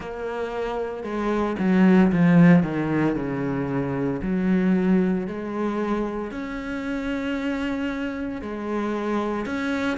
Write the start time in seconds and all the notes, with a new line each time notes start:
0.00 A#3
1.03 G#3
1.58 F#3
2.11 F3
2.63 D#3
3.15 C#3
4.22 F#3
5.27 G#3
6.31 C#4
8.41 G#3
9.45 C#4